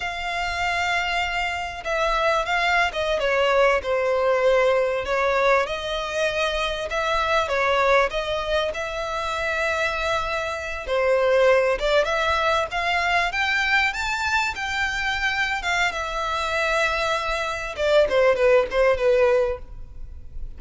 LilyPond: \new Staff \with { instrumentName = "violin" } { \time 4/4 \tempo 4 = 98 f''2. e''4 | f''8. dis''8 cis''4 c''4.~ c''16~ | c''16 cis''4 dis''2 e''8.~ | e''16 cis''4 dis''4 e''4.~ e''16~ |
e''4.~ e''16 c''4. d''8 e''16~ | e''8. f''4 g''4 a''4 g''16~ | g''4. f''8 e''2~ | e''4 d''8 c''8 b'8 c''8 b'4 | }